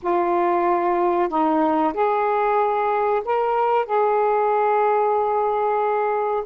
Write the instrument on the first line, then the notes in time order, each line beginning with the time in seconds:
saxophone
0.02 F4
1.28 D#4
1.93 G#4
3.24 A#4
3.85 G#4